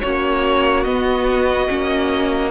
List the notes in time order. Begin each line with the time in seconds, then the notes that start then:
0.00 A#3 C#4 F#4 C#5
0.84 B3 D#5
1.68 A#3 C#4